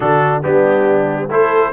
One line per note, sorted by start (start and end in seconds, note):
0.00 0.43 D3
0.00 0.42 D4
0.00 0.42 F#4
0.00 0.42 A4
0.42 1.28 G3
0.42 1.29 B3
0.42 1.28 D4
0.42 1.30 G4
1.28 1.71 A3
1.28 1.73 E4
1.28 1.72 A4
1.28 1.73 C5